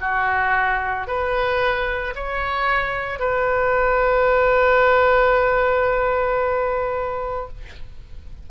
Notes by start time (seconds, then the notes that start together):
0.00 F#4
1.07 B4
2.15 C#5
3.19 B4